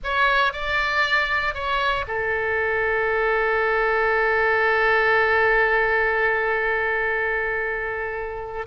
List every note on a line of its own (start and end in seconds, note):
0.03 0.52 C#5
0.52 1.54 D5
1.54 2.05 C#5
2.07 8.66 A4